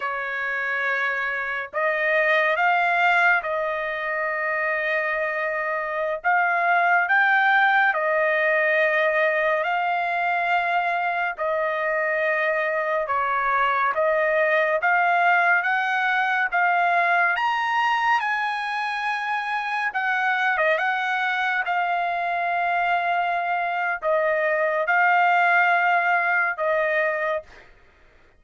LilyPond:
\new Staff \with { instrumentName = "trumpet" } { \time 4/4 \tempo 4 = 70 cis''2 dis''4 f''4 | dis''2.~ dis''16 f''8.~ | f''16 g''4 dis''2 f''8.~ | f''4~ f''16 dis''2 cis''8.~ |
cis''16 dis''4 f''4 fis''4 f''8.~ | f''16 ais''4 gis''2 fis''8. | dis''16 fis''4 f''2~ f''8. | dis''4 f''2 dis''4 | }